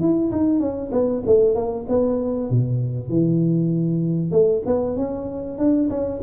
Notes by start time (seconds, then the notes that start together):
0.00 E4
0.31 D#4
0.60 C#4
0.92 B3
1.26 A3
1.55 A#3
1.88 B3
2.50 B2
3.09 E3
4.31 A3
4.66 B3
4.97 C#4
5.58 D4
5.90 C#4